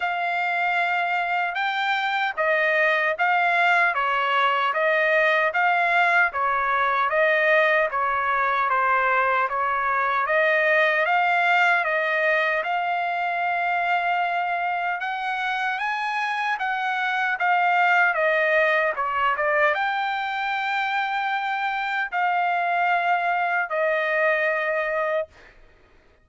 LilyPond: \new Staff \with { instrumentName = "trumpet" } { \time 4/4 \tempo 4 = 76 f''2 g''4 dis''4 | f''4 cis''4 dis''4 f''4 | cis''4 dis''4 cis''4 c''4 | cis''4 dis''4 f''4 dis''4 |
f''2. fis''4 | gis''4 fis''4 f''4 dis''4 | cis''8 d''8 g''2. | f''2 dis''2 | }